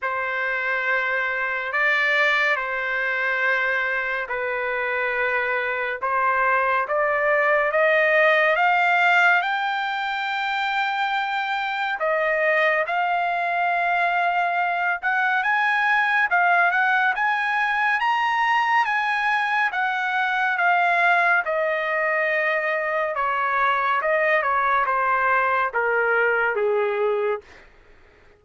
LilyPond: \new Staff \with { instrumentName = "trumpet" } { \time 4/4 \tempo 4 = 70 c''2 d''4 c''4~ | c''4 b'2 c''4 | d''4 dis''4 f''4 g''4~ | g''2 dis''4 f''4~ |
f''4. fis''8 gis''4 f''8 fis''8 | gis''4 ais''4 gis''4 fis''4 | f''4 dis''2 cis''4 | dis''8 cis''8 c''4 ais'4 gis'4 | }